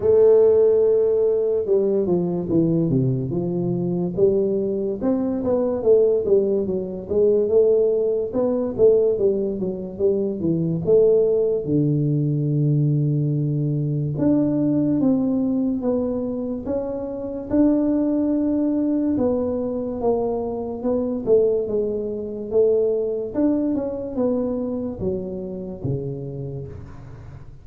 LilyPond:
\new Staff \with { instrumentName = "tuba" } { \time 4/4 \tempo 4 = 72 a2 g8 f8 e8 c8 | f4 g4 c'8 b8 a8 g8 | fis8 gis8 a4 b8 a8 g8 fis8 | g8 e8 a4 d2~ |
d4 d'4 c'4 b4 | cis'4 d'2 b4 | ais4 b8 a8 gis4 a4 | d'8 cis'8 b4 fis4 cis4 | }